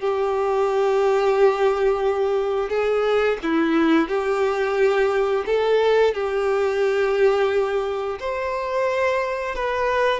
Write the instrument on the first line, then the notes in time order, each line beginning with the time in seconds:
violin
0.00 G4
2.69 G#4
3.42 E4
4.08 G4
5.46 A4
6.14 G4
8.20 C5
9.55 B4